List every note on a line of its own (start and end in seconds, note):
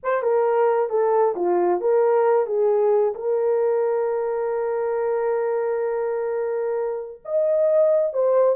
0.03 0.22 C5
0.22 0.89 A#4
0.89 1.34 A4
1.35 1.80 F4
1.80 2.46 A#4
2.46 3.14 G#4
3.15 7.21 A#4
7.24 8.13 D#5
8.13 8.55 C5